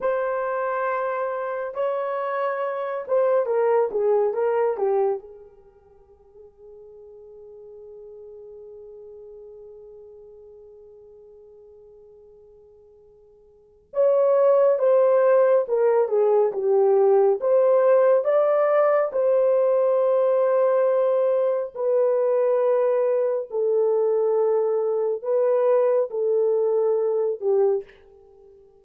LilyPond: \new Staff \with { instrumentName = "horn" } { \time 4/4 \tempo 4 = 69 c''2 cis''4. c''8 | ais'8 gis'8 ais'8 g'8 gis'2~ | gis'1~ | gis'1 |
cis''4 c''4 ais'8 gis'8 g'4 | c''4 d''4 c''2~ | c''4 b'2 a'4~ | a'4 b'4 a'4. g'8 | }